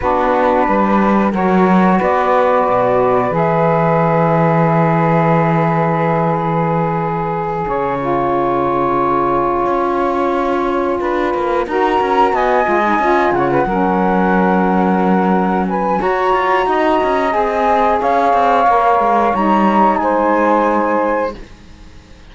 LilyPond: <<
  \new Staff \with { instrumentName = "flute" } { \time 4/4 \tempo 4 = 90 b'2 cis''4 d''4~ | d''4 e''2.~ | e''4. gis''2~ gis''8~ | gis''1~ |
gis''4. ais''4 gis''4. | fis''2.~ fis''8 gis''8 | ais''2 gis''4 f''4~ | f''4 ais''4 gis''2 | }
  \new Staff \with { instrumentName = "saxophone" } { \time 4/4 fis'4 b'4 ais'4 b'4~ | b'1~ | b'2.~ b'8 cis''8~ | cis''1~ |
cis''8 b'4 ais'4 dis''4. | cis''16 b'16 ais'2. b'8 | cis''4 dis''2 cis''4~ | cis''2 c''2 | }
  \new Staff \with { instrumentName = "saxophone" } { \time 4/4 d'2 fis'2~ | fis'4 gis'2.~ | gis'1 | f'1~ |
f'4. fis'4. f'16 dis'16 f'8~ | f'8 cis'2.~ cis'8 | fis'2 gis'2 | ais'4 dis'2. | }
  \new Staff \with { instrumentName = "cello" } { \time 4/4 b4 g4 fis4 b4 | b,4 e2.~ | e2.~ e8 cis8~ | cis2~ cis8 cis'4.~ |
cis'8 d'8 ais8 dis'8 cis'8 b8 gis8 cis'8 | cis8 fis2.~ fis8 | fis'8 f'8 dis'8 cis'8 c'4 cis'8 c'8 | ais8 gis8 g4 gis2 | }
>>